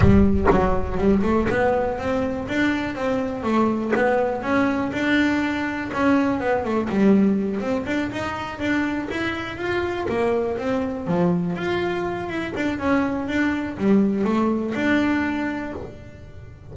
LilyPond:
\new Staff \with { instrumentName = "double bass" } { \time 4/4 \tempo 4 = 122 g4 fis4 g8 a8 b4 | c'4 d'4 c'4 a4 | b4 cis'4 d'2 | cis'4 b8 a8 g4. c'8 |
d'8 dis'4 d'4 e'4 f'8~ | f'8 ais4 c'4 f4 f'8~ | f'4 e'8 d'8 cis'4 d'4 | g4 a4 d'2 | }